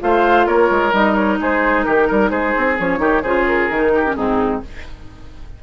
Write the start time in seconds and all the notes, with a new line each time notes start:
0.00 A3 F4 C5 F5
0.47 A#3 A#4 C#5
0.70 G#3
0.92 G3 D#4 D#5
1.16 C#5
1.41 G#3 G#4 C5
1.83 D#3 G4 A#4
2.08 G3 A#4
2.30 G#3 G#4 C5
2.57 C4
2.78 F3 C#4 C#5
2.98 D#3 D#4 G4
3.22 C#3 F4 G#4 C5
3.47 A#4
3.70 D#3 D#4
3.95 G4
4.07 C#4
4.15 G#2 C4 D#4 G#4